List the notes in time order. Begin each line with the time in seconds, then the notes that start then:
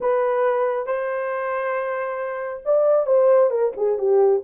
0.01 B4
0.86 C5
2.65 D5
3.06 C5
3.50 A#4
3.76 G#4
3.98 G4